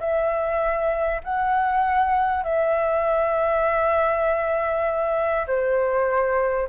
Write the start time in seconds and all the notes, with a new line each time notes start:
0.00 E5
1.24 F#5
2.44 E5
5.47 C5